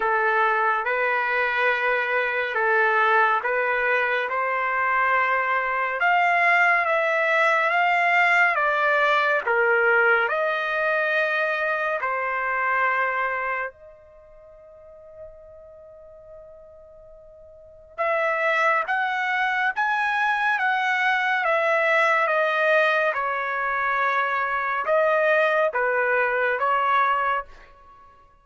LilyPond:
\new Staff \with { instrumentName = "trumpet" } { \time 4/4 \tempo 4 = 70 a'4 b'2 a'4 | b'4 c''2 f''4 | e''4 f''4 d''4 ais'4 | dis''2 c''2 |
dis''1~ | dis''4 e''4 fis''4 gis''4 | fis''4 e''4 dis''4 cis''4~ | cis''4 dis''4 b'4 cis''4 | }